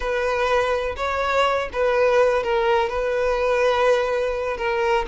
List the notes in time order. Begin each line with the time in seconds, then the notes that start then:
0.00 B4
0.96 C#5
1.72 B4
2.43 A#4
2.89 B4
4.57 A#4